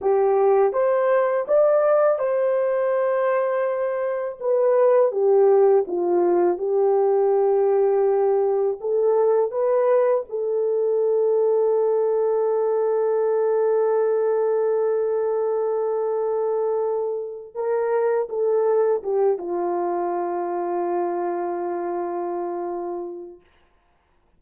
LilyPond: \new Staff \with { instrumentName = "horn" } { \time 4/4 \tempo 4 = 82 g'4 c''4 d''4 c''4~ | c''2 b'4 g'4 | f'4 g'2. | a'4 b'4 a'2~ |
a'1~ | a'1 | ais'4 a'4 g'8 f'4.~ | f'1 | }